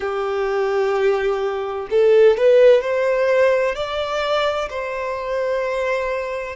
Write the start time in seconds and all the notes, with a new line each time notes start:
0.00 G4
1.90 A4
2.37 B4
2.81 C5
3.75 D5
4.69 C5